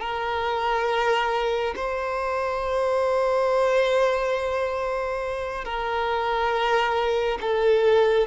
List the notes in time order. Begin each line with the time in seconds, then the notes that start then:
0.00 A#4
1.76 C5
5.64 A#4
7.41 A4